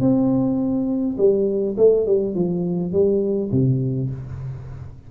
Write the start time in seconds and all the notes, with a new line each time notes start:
0.00 C4
1.17 G3
1.77 A3
2.06 G3
2.35 F3
2.92 G3
3.51 C3